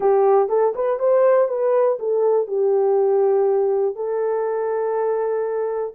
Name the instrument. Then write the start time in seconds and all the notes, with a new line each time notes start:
horn
0.00 G4
0.48 A4
0.75 B4
0.99 C5
1.48 B4
1.99 A4
2.47 G4
3.95 A4